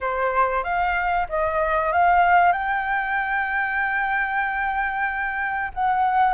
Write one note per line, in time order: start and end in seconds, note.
0.00 0.63 C5
0.63 1.27 F5
1.29 1.92 D#5
1.92 2.52 F5
2.52 5.71 G5
5.74 6.34 F#5